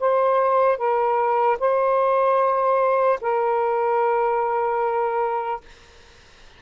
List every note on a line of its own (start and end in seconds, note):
0.00 0.77 C5
0.77 1.58 A#4
1.60 3.20 C5
3.21 5.61 A#4